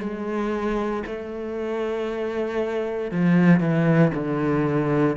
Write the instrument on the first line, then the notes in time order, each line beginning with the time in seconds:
cello
0.00 G#3
1.07 A3
3.12 F3
3.60 E3
4.15 D3